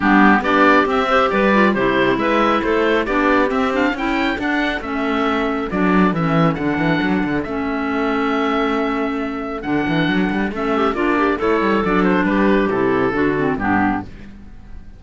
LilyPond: <<
  \new Staff \with { instrumentName = "oboe" } { \time 4/4 \tempo 4 = 137 g'4 d''4 e''4 d''4 | c''4 e''4 c''4 d''4 | e''8 f''8 g''4 fis''4 e''4~ | e''4 d''4 e''4 fis''4~ |
fis''4 e''2.~ | e''2 fis''2 | e''4 d''4 cis''4 d''8 c''8 | b'4 a'2 g'4 | }
  \new Staff \with { instrumentName = "clarinet" } { \time 4/4 d'4 g'4. c''8 b'4 | g'4 b'4 a'4 g'4~ | g'4 a'2.~ | a'1~ |
a'1~ | a'1~ | a'8 g'8 f'8 g'8 a'2 | g'2 fis'4 d'4 | }
  \new Staff \with { instrumentName = "clarinet" } { \time 4/4 b4 d'4 c'8 g'4 f'8 | e'2. d'4 | c'8 d'8 e'4 d'4 cis'4~ | cis'4 d'4 cis'4 d'4~ |
d'4 cis'2.~ | cis'2 d'2 | cis'4 d'4 e'4 d'4~ | d'4 e'4 d'8 c'8 b4 | }
  \new Staff \with { instrumentName = "cello" } { \time 4/4 g4 b4 c'4 g4 | c4 gis4 a4 b4 | c'4 cis'4 d'4 a4~ | a4 fis4 e4 d8 e8 |
fis8 d8 a2.~ | a2 d8 e8 fis8 g8 | a4 ais4 a8 g8 fis4 | g4 c4 d4 g,4 | }
>>